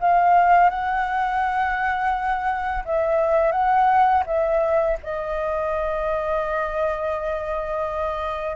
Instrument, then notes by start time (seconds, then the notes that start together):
flute
0.00 F5
0.69 F#5
2.85 E5
3.52 F#5
4.26 E5
5.03 D#5